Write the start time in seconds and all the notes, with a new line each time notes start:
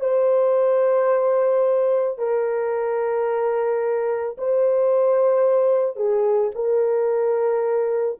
0.00 C5
2.18 A#4
4.37 C5
5.96 G#4
6.55 A#4